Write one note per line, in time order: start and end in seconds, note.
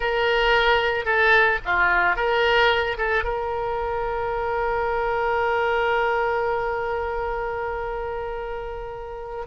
0.00 1.05 A#4
1.05 1.59 A4
1.65 2.15 F4
2.15 2.97 A#4
2.97 3.23 A4
3.23 9.45 A#4